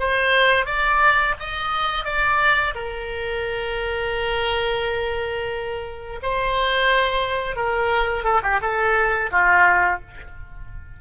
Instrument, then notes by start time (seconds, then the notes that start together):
oboe
0.00 C5
0.66 D5
1.40 D#5
2.05 D5
2.75 A#4
6.23 C5
7.56 A#4
8.24 A4
8.43 G4
8.62 A4
9.32 F4